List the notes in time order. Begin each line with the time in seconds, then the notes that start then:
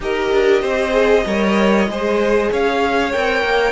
0.00 D#4 G4 A#4 D#5
0.32 D4
0.61 C4 C5
0.90 G#4
1.25 G3 A#4 C#5
1.87 G#3 G#4 C5
2.51 C#4 C#5 F5
3.12 C4 A#4 G5
3.43 A#3